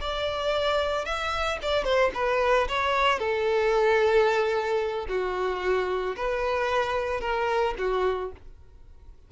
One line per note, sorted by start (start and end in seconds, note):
0.00 1.05 D5
1.05 1.59 E5
1.62 1.84 D5
1.84 2.11 C5
2.14 2.67 B4
2.68 3.19 C#5
3.19 5.06 A4
5.08 6.16 F#4
6.16 7.20 B4
7.20 7.74 A#4
7.78 8.31 F#4